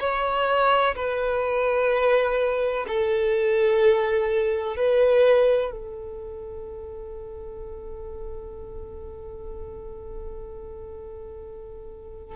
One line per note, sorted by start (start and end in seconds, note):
0.00 0.95 C#5
0.96 2.86 B4
2.88 4.77 A4
4.77 5.71 B4
5.71 12.36 A4